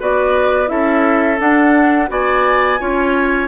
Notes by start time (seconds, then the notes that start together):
0.00 B3 F#4 B4 D5
0.67 C#4 E4 A4 E5
1.40 D4 F#5
2.08 B3 F#4 D5 G#5
2.80 C#4 F4 C#5